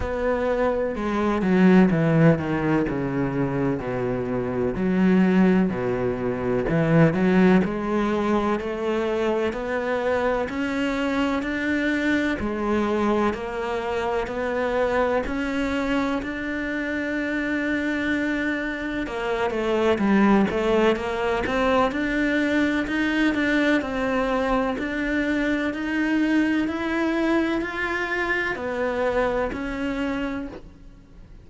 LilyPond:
\new Staff \with { instrumentName = "cello" } { \time 4/4 \tempo 4 = 63 b4 gis8 fis8 e8 dis8 cis4 | b,4 fis4 b,4 e8 fis8 | gis4 a4 b4 cis'4 | d'4 gis4 ais4 b4 |
cis'4 d'2. | ais8 a8 g8 a8 ais8 c'8 d'4 | dis'8 d'8 c'4 d'4 dis'4 | e'4 f'4 b4 cis'4 | }